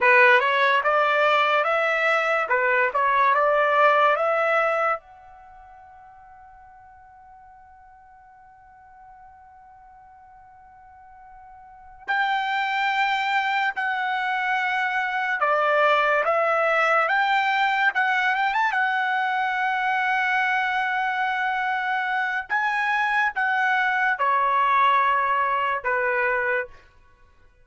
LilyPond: \new Staff \with { instrumentName = "trumpet" } { \time 4/4 \tempo 4 = 72 b'8 cis''8 d''4 e''4 b'8 cis''8 | d''4 e''4 fis''2~ | fis''1~ | fis''2~ fis''8 g''4.~ |
g''8 fis''2 d''4 e''8~ | e''8 g''4 fis''8 g''16 a''16 fis''4.~ | fis''2. gis''4 | fis''4 cis''2 b'4 | }